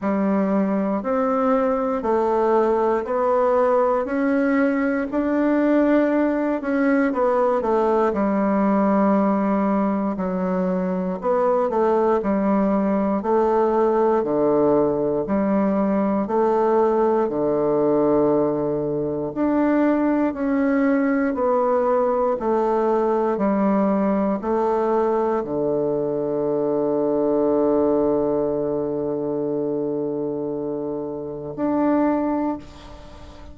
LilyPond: \new Staff \with { instrumentName = "bassoon" } { \time 4/4 \tempo 4 = 59 g4 c'4 a4 b4 | cis'4 d'4. cis'8 b8 a8 | g2 fis4 b8 a8 | g4 a4 d4 g4 |
a4 d2 d'4 | cis'4 b4 a4 g4 | a4 d2.~ | d2. d'4 | }